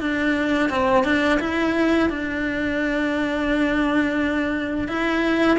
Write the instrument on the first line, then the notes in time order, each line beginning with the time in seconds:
cello
0.00 D4
0.69 C4
1.04 D4
1.40 E4
2.10 D4
4.88 E4